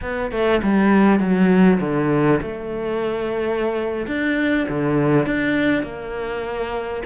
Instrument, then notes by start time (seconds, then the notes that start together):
cello
0.01 B3
0.31 A3
0.62 G3
1.19 F#3
1.80 D3
2.41 A3
4.07 D4
4.69 D3
5.26 D4
5.83 A#3